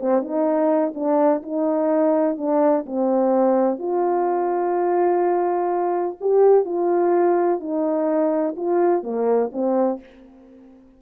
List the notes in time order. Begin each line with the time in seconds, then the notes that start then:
0.00 C4
0.22 D#4
0.95 D4
1.43 D#4
2.37 D4
2.86 C4
3.79 F4
6.21 G4
6.65 F4
7.60 D#4
8.56 F4
9.03 A#3
9.52 C4